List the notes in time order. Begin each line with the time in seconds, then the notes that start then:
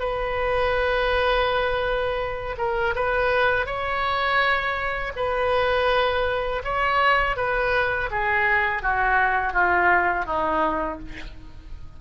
0.00 B4
2.58 A#4
2.95 B4
3.66 C#5
5.16 B4
6.65 C#5
7.37 B4
8.11 G#4
8.83 F#4
9.54 F4
10.26 D#4